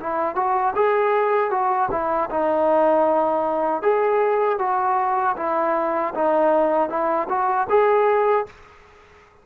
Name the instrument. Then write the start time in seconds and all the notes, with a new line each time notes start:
trombone
0.00 E4
0.36 F#4
0.76 G#4
1.51 F#4
1.91 E4
2.30 D#4
3.83 G#4
4.59 F#4
5.37 E4
6.15 D#4
6.90 E4
7.29 F#4
7.70 G#4